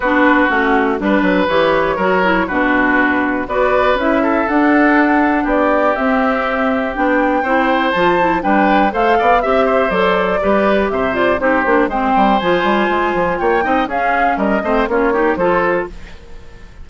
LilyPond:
<<
  \new Staff \with { instrumentName = "flute" } { \time 4/4 \tempo 4 = 121 b'4 fis'4 b'4 cis''4~ | cis''4 b'2 d''4 | e''4 fis''2 d''4 | e''2 g''2 |
a''4 g''4 f''4 e''4 | d''2 e''8 d''8 c''4 | g''4 gis''2 g''4 | f''4 dis''4 cis''4 c''4 | }
  \new Staff \with { instrumentName = "oboe" } { \time 4/4 fis'2 b'2 | ais'4 fis'2 b'4~ | b'8 a'2~ a'8 g'4~ | g'2. c''4~ |
c''4 b'4 c''8 d''8 e''8 c''8~ | c''4 b'4 c''4 g'4 | c''2. cis''8 dis''8 | gis'4 ais'8 c''8 f'8 g'8 a'4 | }
  \new Staff \with { instrumentName = "clarinet" } { \time 4/4 d'4 cis'4 d'4 g'4 | fis'8 e'8 d'2 fis'4 | e'4 d'2. | c'2 d'4 e'4 |
f'8 e'8 d'4 a'4 g'4 | a'4 g'4. f'8 dis'8 d'8 | c'4 f'2~ f'8 dis'8 | cis'4. c'8 cis'8 dis'8 f'4 | }
  \new Staff \with { instrumentName = "bassoon" } { \time 4/4 b4 a4 g8 fis8 e4 | fis4 b,2 b4 | cis'4 d'2 b4 | c'2 b4 c'4 |
f4 g4 a8 b8 c'4 | fis4 g4 c4 c'8 ais8 | gis8 g8 f8 g8 gis8 f8 ais8 c'8 | cis'4 g8 a8 ais4 f4 | }
>>